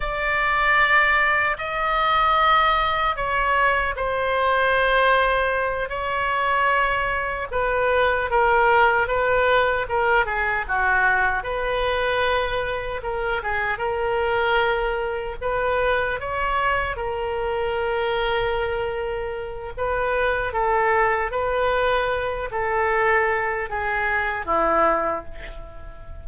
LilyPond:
\new Staff \with { instrumentName = "oboe" } { \time 4/4 \tempo 4 = 76 d''2 dis''2 | cis''4 c''2~ c''8 cis''8~ | cis''4. b'4 ais'4 b'8~ | b'8 ais'8 gis'8 fis'4 b'4.~ |
b'8 ais'8 gis'8 ais'2 b'8~ | b'8 cis''4 ais'2~ ais'8~ | ais'4 b'4 a'4 b'4~ | b'8 a'4. gis'4 e'4 | }